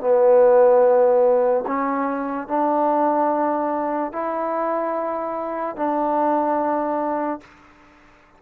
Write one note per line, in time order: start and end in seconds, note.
0.00 1.64 B3
1.67 2.48 C#4
2.48 4.12 D4
4.12 5.76 E4
5.76 7.40 D4